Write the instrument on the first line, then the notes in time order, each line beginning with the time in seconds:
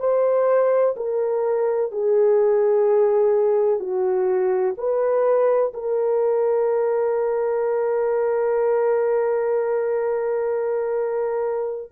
horn
0.00 C5
0.97 A#4
1.92 G#4
3.80 F#4
4.77 B4
5.74 A#4